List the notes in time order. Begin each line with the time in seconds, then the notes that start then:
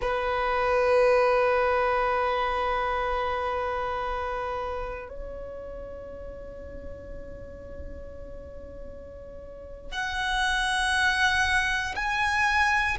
0.01 B4
5.08 C#5
9.91 F#5
11.95 G#5